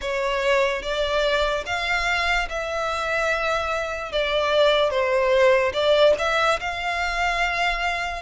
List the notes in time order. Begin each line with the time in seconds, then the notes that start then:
0.01 C#5
0.82 D5
1.66 F5
2.49 E5
4.12 D5
4.90 C5
5.73 D5
6.18 E5
6.59 F5